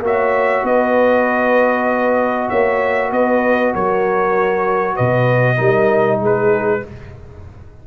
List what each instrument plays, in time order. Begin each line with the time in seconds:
0.00 tuba A#3, trombone F#4, horn C#5, trumpet E5
0.63 tuba B3, horn B4, trumpet D#5
2.49 tuba A#3, horn C#5, trumpet E5
3.11 tuba B3, horn B4, trumpet D#5
3.74 tuba F#3, horn A#4, trumpet C#5
4.95 tuba B2, horn B4, trumpet D#5
5.56 tuba G3, trombone D#4, horn A#4
6.20 tuba G#3, horn G#4, trumpet B4